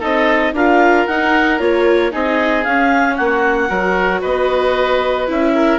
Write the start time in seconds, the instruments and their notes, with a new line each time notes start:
0.00 bassoon C4, viola D#4, oboe A4, clarinet D#5
0.53 bassoon D4, viola F4, oboe A#4, clarinet F5
1.07 viola D#4, bassoon D#4, clarinet F#5
1.59 bassoon A#3, viola F4, clarinet C#5
2.11 bassoon C4, viola D#4, oboe G#4, clarinet D#5
2.64 bassoon C#4, viola C#4, clarinet F5
3.16 bassoon A#3, oboe F#4, clarinet F#5
3.69 bassoon F#3, viola F#4, oboe A#4
4.21 bassoon B3, oboe B4, clarinet D#5
5.27 bassoon C#4, viola E4, clarinet E5
5.55 oboe A#4